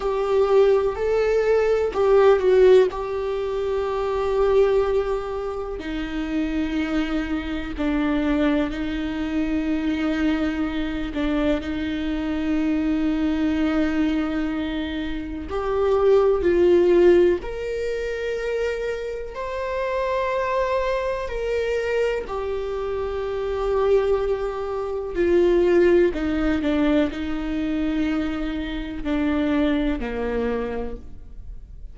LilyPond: \new Staff \with { instrumentName = "viola" } { \time 4/4 \tempo 4 = 62 g'4 a'4 g'8 fis'8 g'4~ | g'2 dis'2 | d'4 dis'2~ dis'8 d'8 | dis'1 |
g'4 f'4 ais'2 | c''2 ais'4 g'4~ | g'2 f'4 dis'8 d'8 | dis'2 d'4 ais4 | }